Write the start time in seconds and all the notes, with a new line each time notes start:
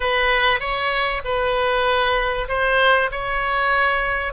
0.00 B4
0.60 C#5
1.24 B4
2.48 C5
3.11 C#5